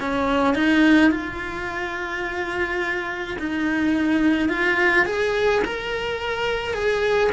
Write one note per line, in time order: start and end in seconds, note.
0.00 0.55 C#4
0.55 1.11 D#4
1.11 3.38 F4
3.39 4.49 D#4
4.49 5.06 F4
5.06 5.63 G#4
5.64 6.74 A#4
6.74 7.31 G#4